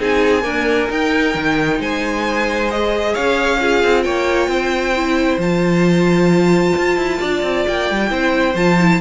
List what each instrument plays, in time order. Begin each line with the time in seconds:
0.00 cello C4, viola D#4, violin G#4 G#5
0.42 viola A#3, cello D4, violin A#4
0.90 viola D#4, cello D#4, violin G5
1.35 cello D#3
1.79 cello G#3, violin C5 G#5
2.70 viola G#4, violin D#5
3.14 cello C#4, violin C#5 F5
3.60 viola F4, violin G#4
3.84 cello C4
4.03 cello A#3, violin C#5 G5
4.48 cello C4, violin C5
4.96 viola E4
5.38 cello F3, viola F4, violin A5
6.78 cello F4
6.98 cello E4
7.20 cello D4, violin D5
7.43 cello C4
7.68 cello A#3, violin G5
7.91 cello G3
8.09 cello C4, viola E4, violin C5
8.55 cello F3, viola F4, violin A5
8.80 viola E4